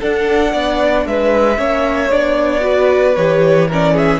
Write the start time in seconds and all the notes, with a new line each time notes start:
0.00 D4 A4 F#5
0.52 B3 D5
1.06 G#3 B4 E5
1.57 A#3 C#4 C#5
2.11 B3 D4 D5
2.60 F#4 B4
3.16 E3 G4 C#5
3.67 C#4 A#4 D5
3.93 G#4 E5